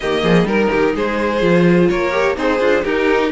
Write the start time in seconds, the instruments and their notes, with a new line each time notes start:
0.00 cello D#3, viola A#3, violin G4 D#5
0.23 cello F3, violin G#4
0.44 cello G3, viola D#4, violin A#4
0.69 cello D#3, violin G4
0.94 cello G#3, violin G#4 C5
1.40 cello F3, viola F4
1.89 cello A#3, violin A#4 C#5
2.11 viola G4
2.35 cello C4, violin D#4 C5, viola G#4
2.59 cello D4, violin F4
2.82 cello D#4, viola D#4, violin G4 A#4